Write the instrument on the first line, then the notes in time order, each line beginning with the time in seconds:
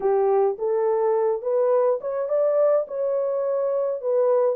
horn
0.00 G4
0.58 A4
1.42 B4
2.00 C#5
2.28 D5
2.87 C#5
4.01 B4